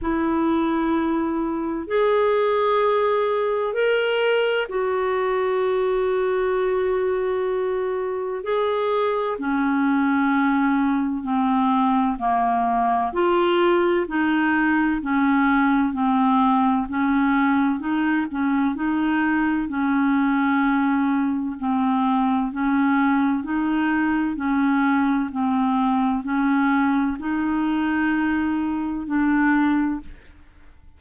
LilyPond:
\new Staff \with { instrumentName = "clarinet" } { \time 4/4 \tempo 4 = 64 e'2 gis'2 | ais'4 fis'2.~ | fis'4 gis'4 cis'2 | c'4 ais4 f'4 dis'4 |
cis'4 c'4 cis'4 dis'8 cis'8 | dis'4 cis'2 c'4 | cis'4 dis'4 cis'4 c'4 | cis'4 dis'2 d'4 | }